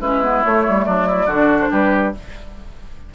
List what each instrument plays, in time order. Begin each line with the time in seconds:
0.00 bassoon G#3, clarinet C#4, oboe E4, flute B4
0.22 clarinet B3
0.43 clarinet A3, bassoon A3, flute C#5
0.68 bassoon G3
0.85 bassoon F#3, oboe D4, flute D5
1.06 oboe E4
1.26 bassoon D3, clarinet D4, oboe F#4
1.61 flute C5
1.70 bassoon G3, oboe G4, flute B4